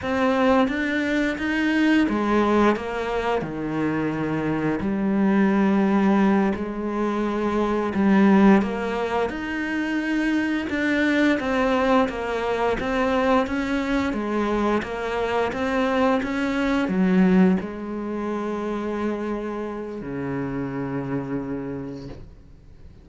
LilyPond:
\new Staff \with { instrumentName = "cello" } { \time 4/4 \tempo 4 = 87 c'4 d'4 dis'4 gis4 | ais4 dis2 g4~ | g4. gis2 g8~ | g8 ais4 dis'2 d'8~ |
d'8 c'4 ais4 c'4 cis'8~ | cis'8 gis4 ais4 c'4 cis'8~ | cis'8 fis4 gis2~ gis8~ | gis4 cis2. | }